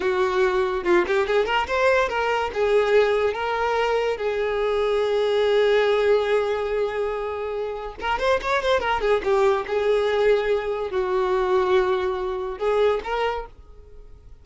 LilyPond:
\new Staff \with { instrumentName = "violin" } { \time 4/4 \tempo 4 = 143 fis'2 f'8 g'8 gis'8 ais'8 | c''4 ais'4 gis'2 | ais'2 gis'2~ | gis'1~ |
gis'2. ais'8 c''8 | cis''8 c''8 ais'8 gis'8 g'4 gis'4~ | gis'2 fis'2~ | fis'2 gis'4 ais'4 | }